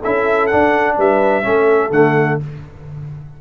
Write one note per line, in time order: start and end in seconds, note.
0.00 0.53 C#4
0.00 0.51 E4
0.00 0.95 A4
0.00 0.47 E5
0.47 1.42 D4
0.47 0.94 F#5
0.53 0.97 D4
0.97 1.45 G3
0.97 1.46 B4
0.97 1.92 E5
1.42 1.90 A3
1.42 1.90 C#4
1.42 2.41 A4
1.90 2.38 D3
1.90 2.40 A3
1.90 2.40 F#5